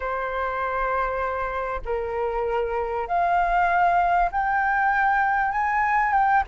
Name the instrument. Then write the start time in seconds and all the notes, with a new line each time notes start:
flute
0.00 C5
1.85 A#4
3.07 F5
4.31 G5
5.51 G#5
6.12 G5